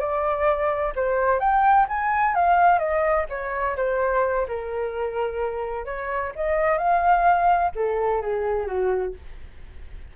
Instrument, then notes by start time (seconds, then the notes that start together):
flute
0.00 D5
0.96 C5
1.40 G5
1.89 G#5
2.35 F5
2.79 D#5
3.30 C#5
3.77 C5
4.48 A#4
5.86 C#5
6.36 D#5
6.78 F5
7.76 A4
8.22 G#4
8.67 F#4